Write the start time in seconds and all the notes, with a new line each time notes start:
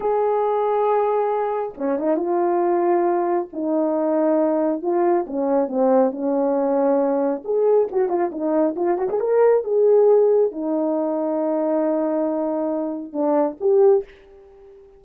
0.00 G#4
1.77 C#4
1.98 D#4
2.16 F4
3.52 D#4
4.82 F4
5.27 C#4
5.68 C4
6.11 C#4
7.44 G#4
7.91 F#4
8.09 F4
8.31 D#4
8.76 F4
8.98 F#4
9.09 G#4
9.20 A#4
9.63 G#4
10.51 D#4
13.12 D4
13.60 G4